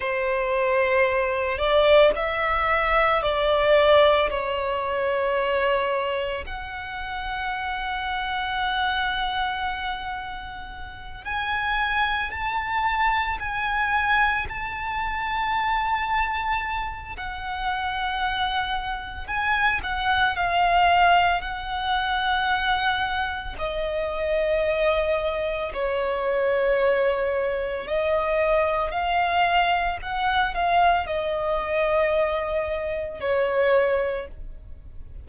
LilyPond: \new Staff \with { instrumentName = "violin" } { \time 4/4 \tempo 4 = 56 c''4. d''8 e''4 d''4 | cis''2 fis''2~ | fis''2~ fis''8 gis''4 a''8~ | a''8 gis''4 a''2~ a''8 |
fis''2 gis''8 fis''8 f''4 | fis''2 dis''2 | cis''2 dis''4 f''4 | fis''8 f''8 dis''2 cis''4 | }